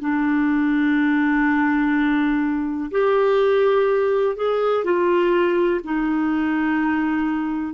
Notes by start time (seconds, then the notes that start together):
0.00 D4
2.91 G4
4.36 G#4
4.84 F4
5.83 D#4